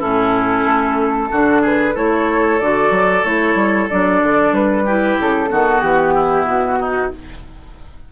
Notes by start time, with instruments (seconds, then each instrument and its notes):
0.00 bassoon A2, clarinet C#4, oboe E4, flute A4
0.65 bassoon A3
1.31 bassoon D3, clarinet D4, oboe F#4
1.62 oboe G#4, flute B4
1.94 bassoon A3, clarinet E4, oboe A4, flute C#5
2.60 bassoon D3, clarinet F#4, flute D5
2.91 bassoon F#3
3.24 bassoon A3, clarinet E4, flute C#5
3.55 bassoon G3
3.90 bassoon F#3, clarinet D4, flute D5
4.23 bassoon D3
4.53 bassoon G3, flute B4
4.85 clarinet E4, oboe G4
5.20 bassoon C#3, flute A4
5.48 bassoon D#3, clarinet B3, oboe F#4
5.81 bassoon E3, flute G4
6.15 oboe E4
6.46 bassoon B2, flute F#4
6.80 oboe D#4